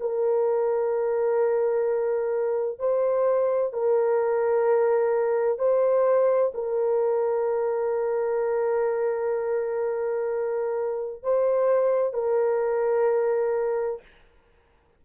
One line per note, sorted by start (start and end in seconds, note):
0.00 2.79 A#4
2.79 3.73 C5
3.73 5.58 A#4
5.58 6.52 C5
6.54 11.23 A#4
11.23 12.13 C5
12.13 14.01 A#4